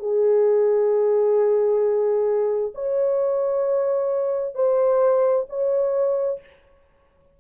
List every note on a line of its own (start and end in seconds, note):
0.00 2.73 G#4
2.74 4.55 C#5
4.55 5.46 C5
5.49 6.40 C#5